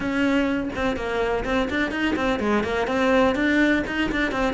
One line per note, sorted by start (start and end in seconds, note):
0.00 0.69 C#4
0.75 0.96 C4
0.96 1.44 A#3
1.44 1.68 C4
1.70 1.91 D4
1.91 2.15 D#4
2.16 2.39 C4
2.39 2.63 G#3
2.63 2.87 A#3
2.87 3.35 C4
3.35 3.83 D4
3.86 4.10 D#4
4.11 4.31 D4
4.31 4.53 C4